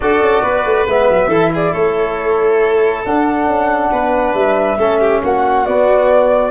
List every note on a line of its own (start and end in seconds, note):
0.00 0.20 D4
0.00 0.87 F#4
0.00 0.42 A4
0.00 0.86 D5
0.20 0.42 C#4
0.42 0.64 B3
0.42 1.28 B4
0.64 0.86 A3
0.87 1.09 G#3
0.87 1.31 B3
0.87 1.54 E5
1.10 1.28 F#3
1.28 1.71 E3
1.28 3.06 E4
1.28 1.49 A4
1.53 1.72 G#4
1.53 1.73 D5
1.72 3.04 A3
1.72 3.89 A4
1.72 3.03 C#5
3.04 3.47 D4
3.04 4.79 D4
3.04 4.34 F#5
3.47 3.90 C#4
3.91 4.33 B3
3.91 4.78 B4
4.33 4.77 G3
4.33 5.21 E5
4.78 5.21 A3
4.78 5.65 C#4
4.78 5.00 A4
5.00 5.22 G4
5.23 5.66 A#3
5.23 6.51 F#4
5.23 5.65 F#5
5.65 6.51 B3
5.65 6.51 D5